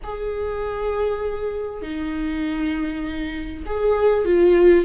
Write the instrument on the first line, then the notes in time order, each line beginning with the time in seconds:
viola
0.03 G#4
1.82 D#4
3.66 G#4
4.25 F4